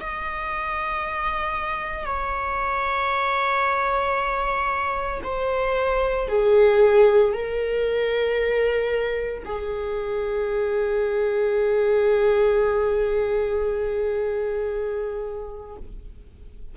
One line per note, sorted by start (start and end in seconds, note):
0.00 2.05 D#5
2.05 5.21 C#5
5.23 6.28 C5
6.28 7.33 G#4
7.33 9.44 A#4
9.45 15.77 G#4